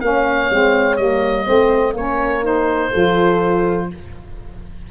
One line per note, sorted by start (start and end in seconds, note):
0.00 0.49 A#3
0.00 0.50 C#4
0.00 1.46 C#5
0.00 0.96 F5
0.50 0.98 G#3
0.50 0.97 C4
0.96 1.46 G3
0.96 1.45 A#3
0.96 1.93 D#5
1.45 1.93 A3
1.45 1.93 C4
1.45 1.94 C5
1.93 2.90 A#3
1.93 2.42 C#4
1.93 2.91 A#4
1.93 2.45 C#5
2.42 2.90 D#4
2.42 3.90 C5
2.91 3.91 F3
2.91 3.89 F4
2.91 3.87 A4